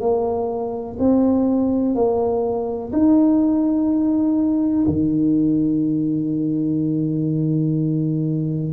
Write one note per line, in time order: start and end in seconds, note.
0.00 0.97 A#3
0.99 1.95 C4
1.95 2.92 A#3
2.93 4.87 D#4
4.87 8.73 D#3